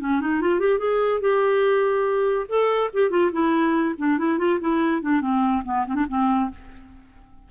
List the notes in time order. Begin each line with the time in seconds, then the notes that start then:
0.00 C#4
0.21 D#4
0.41 F4
0.60 G4
0.79 G#4
1.21 G4
2.49 A4
2.94 G4
3.10 F4
3.32 E4
3.98 D4
4.18 E4
4.38 F4
4.60 E4
5.02 D4
5.21 C4
5.65 B3
5.87 C4
5.95 D4
6.09 C4